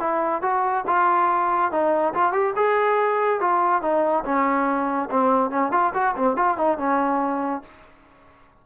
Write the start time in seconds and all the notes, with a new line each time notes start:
0.00 E4
0.42 F#4
0.87 F4
1.72 D#4
2.14 F4
2.33 G4
2.57 G#4
3.41 F4
3.82 D#4
4.25 C#4
5.11 C4
5.51 C#4
5.72 F4
5.94 F#4
6.17 C4
6.37 F4
6.58 D#4
6.78 C#4